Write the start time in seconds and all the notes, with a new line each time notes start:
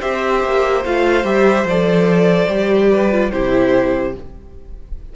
0.00 C4 G4 C5 E5
0.44 A#3
0.84 A3 F4 F5
1.24 G3 G4 E5
1.64 F3 A4 D5
2.49 G3 G4
2.91 B4
3.11 F4
3.31 C3 E4 G4 C5